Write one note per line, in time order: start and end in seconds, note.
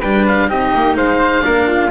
0.00 0.49 G3
0.00 0.49 D4
0.00 0.47 B4
0.00 0.25 G5
0.27 0.50 F5
0.49 0.73 C4
0.49 1.42 D#4
0.49 0.96 G4
0.49 0.97 D#5
0.74 0.96 A#3
0.96 1.44 G#3
0.96 1.44 C5
0.96 1.91 F5
1.42 1.91 A#3
1.42 1.89 D4
1.42 1.67 A#4
1.67 1.91 F4